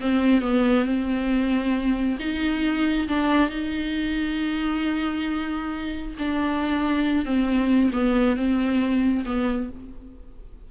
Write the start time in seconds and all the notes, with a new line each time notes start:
0.00 C4
0.41 B3
0.85 C4
2.19 D#4
3.08 D4
3.49 D#4
6.18 D4
7.25 C4
7.92 B3
8.36 C4
9.25 B3